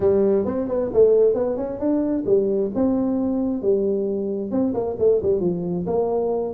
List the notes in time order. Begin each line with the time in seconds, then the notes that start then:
0.00 G3
0.45 C4
0.68 B3
0.93 A3
1.34 B3
1.56 C#4
1.79 D4
2.26 G3
2.74 C4
3.62 G3
4.51 C4
4.74 A#3
4.98 A3
5.22 G3
5.40 F3
5.86 A#3